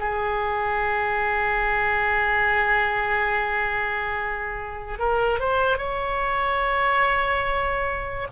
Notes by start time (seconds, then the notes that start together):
0.00 G#4
4.99 A#4
5.40 C5
5.78 C#5